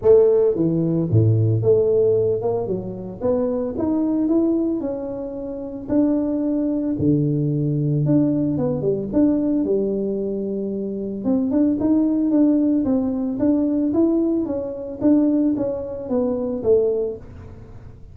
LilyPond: \new Staff \with { instrumentName = "tuba" } { \time 4/4 \tempo 4 = 112 a4 e4 a,4 a4~ | a8 ais8 fis4 b4 dis'4 | e'4 cis'2 d'4~ | d'4 d2 d'4 |
b8 g8 d'4 g2~ | g4 c'8 d'8 dis'4 d'4 | c'4 d'4 e'4 cis'4 | d'4 cis'4 b4 a4 | }